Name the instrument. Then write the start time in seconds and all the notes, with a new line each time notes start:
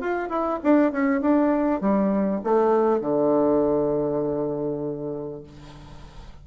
bassoon
0.00 F4
0.29 E4
0.63 D4
0.92 C#4
1.21 D4
1.80 G3
2.43 A3
3.01 D3